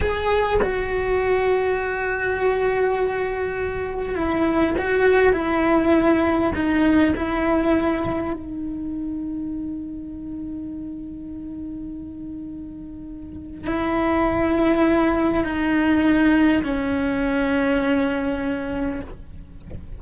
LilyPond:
\new Staff \with { instrumentName = "cello" } { \time 4/4 \tempo 4 = 101 gis'4 fis'2.~ | fis'2. e'4 | fis'4 e'2 dis'4 | e'2 dis'2~ |
dis'1~ | dis'2. e'4~ | e'2 dis'2 | cis'1 | }